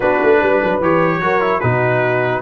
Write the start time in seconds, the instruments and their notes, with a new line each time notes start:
0.00 tuba B3, trombone D4, horn F#4, trumpet B4
0.22 tuba A3
0.38 tuba G3, horn B4
0.62 tuba F#3
0.81 tuba E3, trombone G4, trumpet C#5
1.19 tuba F#3, trombone F#4, horn A#4
1.40 trombone E4
1.60 tuba B2, trombone D#4, horn F#4, trumpet B4